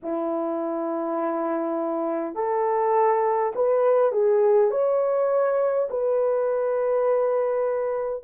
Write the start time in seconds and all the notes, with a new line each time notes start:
0.03 E4
2.35 A4
3.55 B4
4.12 G#4
4.71 C#5
5.89 B4